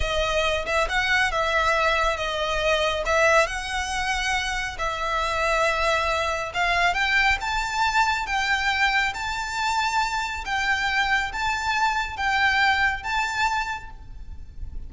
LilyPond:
\new Staff \with { instrumentName = "violin" } { \time 4/4 \tempo 4 = 138 dis''4. e''8 fis''4 e''4~ | e''4 dis''2 e''4 | fis''2. e''4~ | e''2. f''4 |
g''4 a''2 g''4~ | g''4 a''2. | g''2 a''2 | g''2 a''2 | }